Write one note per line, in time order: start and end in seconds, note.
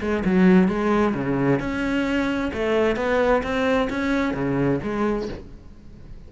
0.00 0.23 G#3
0.25 0.68 F#3
0.68 1.14 G#3
1.14 1.60 C#3
1.60 2.51 C#4
2.53 2.96 A3
2.96 3.42 B3
3.42 3.88 C4
3.90 4.33 C#4
4.33 4.79 C#3
4.83 5.28 G#3